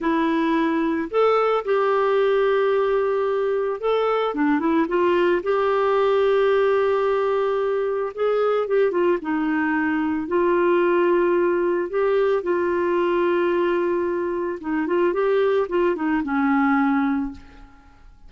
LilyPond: \new Staff \with { instrumentName = "clarinet" } { \time 4/4 \tempo 4 = 111 e'2 a'4 g'4~ | g'2. a'4 | d'8 e'8 f'4 g'2~ | g'2. gis'4 |
g'8 f'8 dis'2 f'4~ | f'2 g'4 f'4~ | f'2. dis'8 f'8 | g'4 f'8 dis'8 cis'2 | }